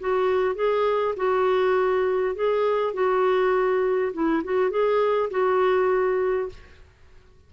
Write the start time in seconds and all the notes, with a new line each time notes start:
0.00 F#4
0.55 G#4
1.16 F#4
2.35 G#4
2.94 F#4
4.13 E4
4.44 F#4
4.70 G#4
5.31 F#4